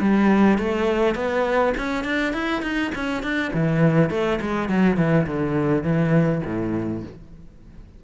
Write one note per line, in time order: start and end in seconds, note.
0.00 0.58 G3
0.58 1.15 A3
1.15 1.73 B3
1.77 2.04 C#4
2.04 2.33 D4
2.33 2.62 E4
2.62 2.92 D#4
2.95 3.23 C#4
3.23 3.52 D4
3.53 4.10 E3
4.10 4.39 A3
4.41 4.69 G#3
4.69 4.97 F#3
4.97 5.26 E3
5.27 5.83 D3
5.83 6.42 E3
6.45 7.03 A2